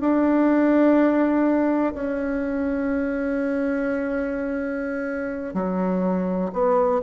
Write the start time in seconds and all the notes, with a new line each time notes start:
0.00 D4
1.94 C#4
5.54 F#3
6.53 B3